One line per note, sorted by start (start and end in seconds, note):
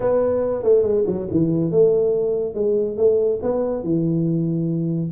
0.00 0.63 B3
0.63 0.82 A3
0.82 1.04 G#3
1.06 1.27 F#3
1.31 1.71 E3
1.71 2.54 A3
2.54 2.97 G#3
2.97 3.39 A3
3.42 3.83 B3
3.83 5.10 E3